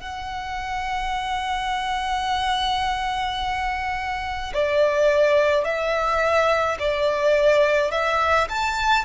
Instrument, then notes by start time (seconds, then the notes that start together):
violin
0.00 F#5
4.53 D5
5.64 E5
6.79 D5
7.91 E5
8.49 A5